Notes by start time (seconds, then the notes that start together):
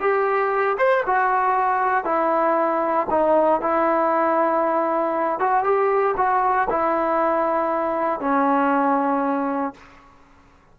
0.00 G4
0.78 C5
1.06 F#4
2.04 E4
3.10 D#4
3.61 E4
5.39 F#4
5.64 G4
6.17 F#4
6.70 E4
8.20 C#4